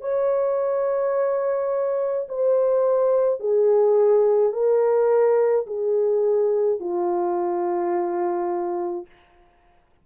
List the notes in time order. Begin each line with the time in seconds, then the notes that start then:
0.00 C#5
2.28 C5
3.40 G#4
4.52 A#4
5.66 G#4
6.79 F4